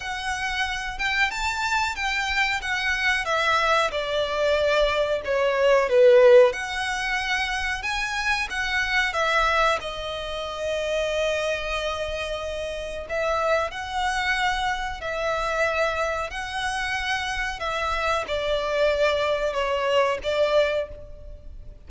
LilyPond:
\new Staff \with { instrumentName = "violin" } { \time 4/4 \tempo 4 = 92 fis''4. g''8 a''4 g''4 | fis''4 e''4 d''2 | cis''4 b'4 fis''2 | gis''4 fis''4 e''4 dis''4~ |
dis''1 | e''4 fis''2 e''4~ | e''4 fis''2 e''4 | d''2 cis''4 d''4 | }